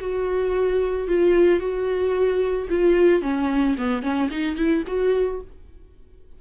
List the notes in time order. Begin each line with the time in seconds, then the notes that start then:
0.00 F#4
1.08 F4
1.60 F#4
2.70 F4
3.22 C#4
3.78 B3
4.02 C#4
4.30 D#4
4.56 E4
4.87 F#4